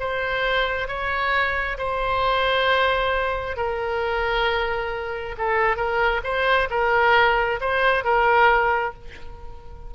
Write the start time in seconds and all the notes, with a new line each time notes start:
0.00 C5
0.88 C#5
1.78 C5
3.57 A#4
5.38 A4
5.76 A#4
6.24 C5
6.70 A#4
7.61 C5
8.04 A#4